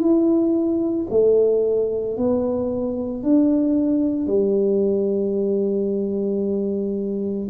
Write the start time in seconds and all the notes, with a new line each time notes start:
0.00 E4
1.11 A3
2.18 B3
3.23 D4
4.27 G3